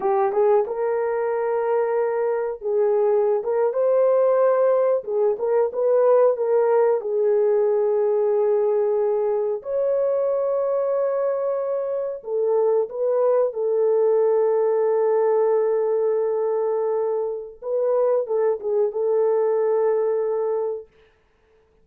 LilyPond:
\new Staff \with { instrumentName = "horn" } { \time 4/4 \tempo 4 = 92 g'8 gis'8 ais'2. | gis'4~ gis'16 ais'8 c''2 gis'16~ | gis'16 ais'8 b'4 ais'4 gis'4~ gis'16~ | gis'2~ gis'8. cis''4~ cis''16~ |
cis''2~ cis''8. a'4 b'16~ | b'8. a'2.~ a'16~ | a'2. b'4 | a'8 gis'8 a'2. | }